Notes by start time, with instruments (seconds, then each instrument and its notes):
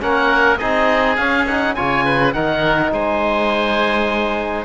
0.00 cello A#3, trombone C#4, oboe A#4 F#5
0.57 cello C4, trombone D#4, oboe G#4 D#5
1.16 trombone C#4, cello C#4, oboe F5
1.47 trombone D#4, oboe F#5
1.75 cello C#3, trombone F4, oboe C#5 G#5
2.05 oboe B4
2.33 cello D#3, trombone D#4, oboe A#4 F#5
2.92 cello G#3, oboe C5 G#5